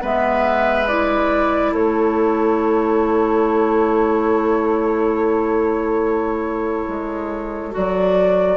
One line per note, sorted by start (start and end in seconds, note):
0.00 1.72 G#3
0.00 0.86 B3
0.00 1.71 B4
0.00 0.87 E5
0.87 7.71 E4
0.87 1.73 D5
1.71 6.86 A3
1.71 8.56 A4
1.71 7.74 C#5
6.87 7.73 G#3
7.71 8.56 F#3
7.71 8.56 F#4
7.71 8.56 D5